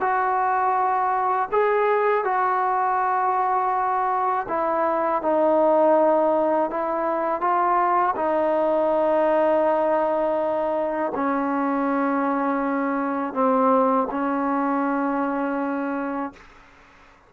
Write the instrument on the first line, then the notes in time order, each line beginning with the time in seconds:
trombone
0.00 F#4
1.51 G#4
2.24 F#4
4.48 E4
5.22 D#4
6.70 E4
7.40 F4
8.15 D#4
11.14 C#4
13.33 C4
14.10 C#4